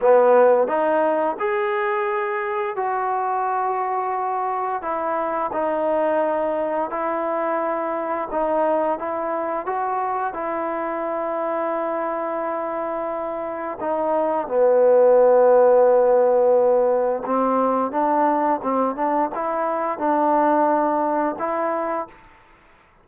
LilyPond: \new Staff \with { instrumentName = "trombone" } { \time 4/4 \tempo 4 = 87 b4 dis'4 gis'2 | fis'2. e'4 | dis'2 e'2 | dis'4 e'4 fis'4 e'4~ |
e'1 | dis'4 b2.~ | b4 c'4 d'4 c'8 d'8 | e'4 d'2 e'4 | }